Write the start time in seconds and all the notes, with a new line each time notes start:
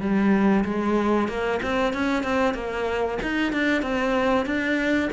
0.00 G3
0.64 G#3
1.28 A#3
1.62 C4
1.93 C#4
2.23 C4
2.54 A#3
3.22 D#4
3.52 D4
3.82 C4
4.45 D4